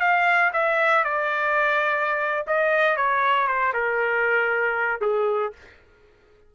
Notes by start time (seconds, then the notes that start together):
0.00 F5
0.53 E5
1.04 D5
2.47 D#5
2.96 C#5
3.47 C5
3.73 A#4
5.01 G#4